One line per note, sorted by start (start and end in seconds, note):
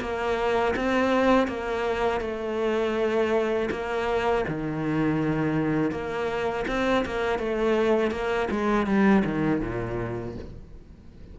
0.00 0.74 A#3
0.75 1.47 C4
1.47 2.21 A#3
2.21 3.69 A3
3.70 4.44 A#3
4.47 5.91 D#3
5.91 6.65 A#3
6.67 7.04 C4
7.05 7.38 A#3
7.38 8.11 A3
8.11 8.48 A#3
8.51 8.86 G#3
8.86 9.23 G3
9.25 9.61 D#3
9.61 10.35 A#2